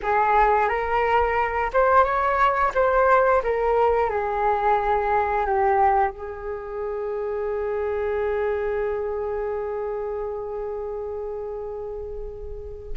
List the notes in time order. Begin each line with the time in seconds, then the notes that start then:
0.02 G#4
0.68 A#4
1.73 C5
2.03 C#5
2.74 C5
3.43 A#4
4.09 G#4
5.45 G4
6.10 G#4